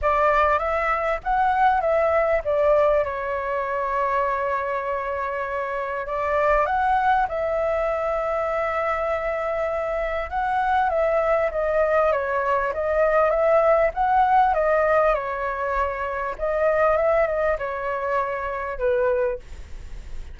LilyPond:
\new Staff \with { instrumentName = "flute" } { \time 4/4 \tempo 4 = 99 d''4 e''4 fis''4 e''4 | d''4 cis''2.~ | cis''2 d''4 fis''4 | e''1~ |
e''4 fis''4 e''4 dis''4 | cis''4 dis''4 e''4 fis''4 | dis''4 cis''2 dis''4 | e''8 dis''8 cis''2 b'4 | }